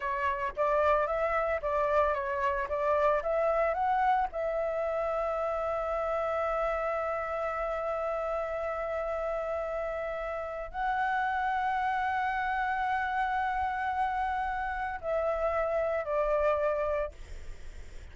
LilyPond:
\new Staff \with { instrumentName = "flute" } { \time 4/4 \tempo 4 = 112 cis''4 d''4 e''4 d''4 | cis''4 d''4 e''4 fis''4 | e''1~ | e''1~ |
e''1 | fis''1~ | fis''1 | e''2 d''2 | }